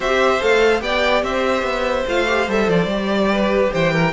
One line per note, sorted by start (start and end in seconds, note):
0.00 0.41 C4
0.00 0.40 G4
0.00 0.82 C5
0.00 0.41 E5
0.40 0.81 A3
0.40 0.80 A4
0.40 0.81 F5
0.80 1.22 B3
0.80 2.04 G4
0.80 1.24 D5
0.80 1.22 G5
1.22 1.62 C4
1.22 3.31 C5
1.22 2.06 E5
1.62 2.03 B3
2.07 2.48 A3
2.07 2.26 F4
2.07 2.50 F5
2.26 2.47 G4
2.47 2.68 G3
2.47 2.89 A4
2.47 2.69 E5
2.68 2.85 F3
2.68 3.73 D5
2.85 3.68 G3
2.85 4.12 G4
3.32 3.73 B4
3.73 4.12 E3
3.73 3.92 C5
3.73 4.12 G5
3.92 4.12 A#4